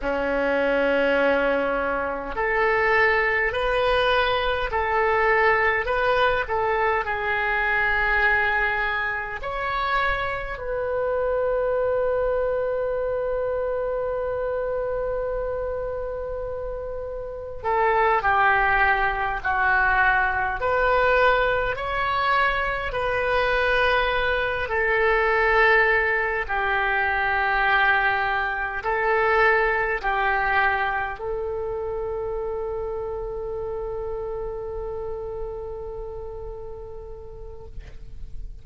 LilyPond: \new Staff \with { instrumentName = "oboe" } { \time 4/4 \tempo 4 = 51 cis'2 a'4 b'4 | a'4 b'8 a'8 gis'2 | cis''4 b'2.~ | b'2. a'8 g'8~ |
g'8 fis'4 b'4 cis''4 b'8~ | b'4 a'4. g'4.~ | g'8 a'4 g'4 a'4.~ | a'1 | }